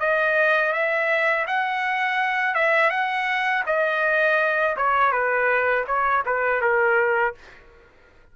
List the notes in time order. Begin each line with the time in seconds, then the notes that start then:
0.00 D#5
0.73 E5
1.48 F#5
2.55 E5
2.91 F#5
3.67 D#5
4.77 C#5
5.12 B4
5.87 C#5
6.26 B4
6.62 A#4